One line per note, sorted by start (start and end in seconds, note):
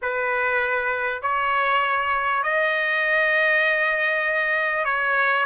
0.02 1.21 B4
1.21 2.43 C#5
2.43 4.85 D#5
4.85 5.45 C#5